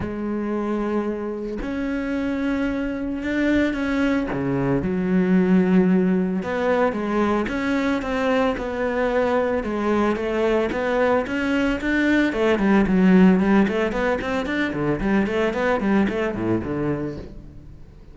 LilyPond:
\new Staff \with { instrumentName = "cello" } { \time 4/4 \tempo 4 = 112 gis2. cis'4~ | cis'2 d'4 cis'4 | cis4 fis2. | b4 gis4 cis'4 c'4 |
b2 gis4 a4 | b4 cis'4 d'4 a8 g8 | fis4 g8 a8 b8 c'8 d'8 d8 | g8 a8 b8 g8 a8 a,8 d4 | }